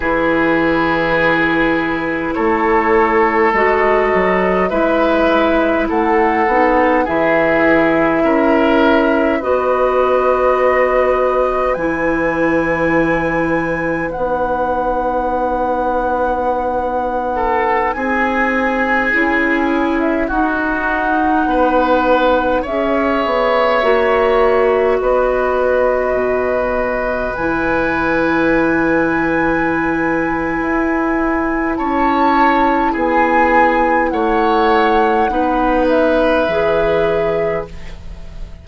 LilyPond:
<<
  \new Staff \with { instrumentName = "flute" } { \time 4/4 \tempo 4 = 51 b'2 cis''4 dis''4 | e''4 fis''4 e''2 | dis''2 gis''2 | fis''2.~ fis''16 gis''8.~ |
gis''4 e''16 fis''2 e''8.~ | e''4~ e''16 dis''2 gis''8.~ | gis''2. a''4 | gis''4 fis''4. e''4. | }
  \new Staff \with { instrumentName = "oboe" } { \time 4/4 gis'2 a'2 | b'4 a'4 gis'4 ais'4 | b'1~ | b'2~ b'8. a'8 gis'8.~ |
gis'4~ gis'16 fis'4 b'4 cis''8.~ | cis''4~ cis''16 b'2~ b'8.~ | b'2. cis''4 | gis'4 cis''4 b'2 | }
  \new Staff \with { instrumentName = "clarinet" } { \time 4/4 e'2. fis'4 | e'4. dis'8 e'2 | fis'2 e'2 | dis'1~ |
dis'16 e'4 dis'2 gis'8.~ | gis'16 fis'2. e'8.~ | e'1~ | e'2 dis'4 gis'4 | }
  \new Staff \with { instrumentName = "bassoon" } { \time 4/4 e2 a4 gis8 fis8 | gis4 a8 b8 e4 cis'4 | b2 e2 | b2.~ b16 c'8.~ |
c'16 cis'4 dis'4 b4 cis'8 b16~ | b16 ais4 b4 b,4 e8.~ | e2 e'4 cis'4 | b4 a4 b4 e4 | }
>>